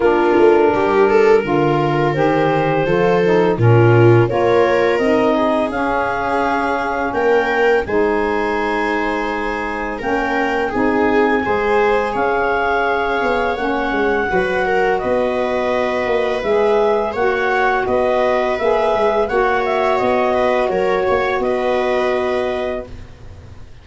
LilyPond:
<<
  \new Staff \with { instrumentName = "clarinet" } { \time 4/4 \tempo 4 = 84 ais'2. c''4~ | c''4 ais'4 cis''4 dis''4 | f''2 g''4 gis''4~ | gis''2 g''4 gis''4~ |
gis''4 f''2 fis''4~ | fis''4 dis''2 e''4 | fis''4 dis''4 e''4 fis''8 e''8 | dis''4 cis''4 dis''2 | }
  \new Staff \with { instrumentName = "viola" } { \time 4/4 f'4 g'8 a'8 ais'2 | a'4 f'4 ais'4. gis'8~ | gis'2 ais'4 c''4~ | c''2 ais'4 gis'4 |
c''4 cis''2. | b'8 ais'8 b'2. | cis''4 b'2 cis''4~ | cis''8 b'8 ais'8 cis''8 b'2 | }
  \new Staff \with { instrumentName = "saxophone" } { \time 4/4 d'2 f'4 g'4 | f'8 dis'8 cis'4 f'4 dis'4 | cis'2. dis'4~ | dis'2 cis'4 dis'4 |
gis'2. cis'4 | fis'2. gis'4 | fis'2 gis'4 fis'4~ | fis'1 | }
  \new Staff \with { instrumentName = "tuba" } { \time 4/4 ais8 a8 g4 d4 dis4 | f4 ais,4 ais4 c'4 | cis'2 ais4 gis4~ | gis2 ais4 c'4 |
gis4 cis'4. b8 ais8 gis8 | fis4 b4. ais8 gis4 | ais4 b4 ais8 gis8 ais4 | b4 fis8 ais8 b2 | }
>>